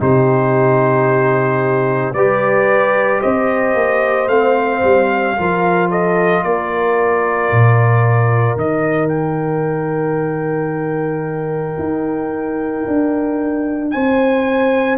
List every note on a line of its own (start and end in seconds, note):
0.00 2.14 C3
0.00 2.14 D#4
0.00 2.15 G4
0.00 2.14 C5
2.14 3.21 G3
2.14 4.30 G4
2.14 3.20 B4
2.14 3.21 D5
3.20 3.75 C4
3.20 5.34 C5
3.20 4.29 D#5
3.75 4.28 A#3
4.28 4.81 A3
4.28 5.37 C4
4.28 5.89 F5
4.84 5.38 G3
5.37 6.44 F3
5.37 8.58 F4
5.37 5.90 A#4
5.90 6.44 A4
5.90 6.44 D#5
6.44 7.51 A#3
6.44 13.94 A#4
6.44 8.58 D5
7.52 8.56 A#2
8.56 11.78 D#3
8.56 14.99 D#4
8.56 9.09 D#5
9.09 13.91 G5
11.79 12.86 D#4
12.88 13.95 D4
13.91 14.99 C4
13.91 14.99 C5
13.91 14.98 G#5